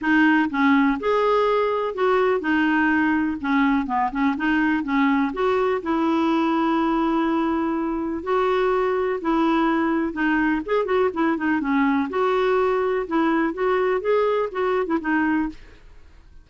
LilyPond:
\new Staff \with { instrumentName = "clarinet" } { \time 4/4 \tempo 4 = 124 dis'4 cis'4 gis'2 | fis'4 dis'2 cis'4 | b8 cis'8 dis'4 cis'4 fis'4 | e'1~ |
e'4 fis'2 e'4~ | e'4 dis'4 gis'8 fis'8 e'8 dis'8 | cis'4 fis'2 e'4 | fis'4 gis'4 fis'8. e'16 dis'4 | }